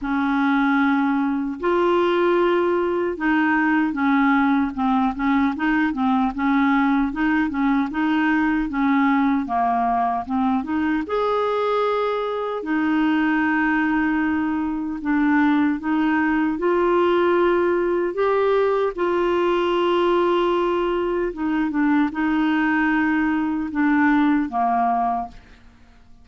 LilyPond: \new Staff \with { instrumentName = "clarinet" } { \time 4/4 \tempo 4 = 76 cis'2 f'2 | dis'4 cis'4 c'8 cis'8 dis'8 c'8 | cis'4 dis'8 cis'8 dis'4 cis'4 | ais4 c'8 dis'8 gis'2 |
dis'2. d'4 | dis'4 f'2 g'4 | f'2. dis'8 d'8 | dis'2 d'4 ais4 | }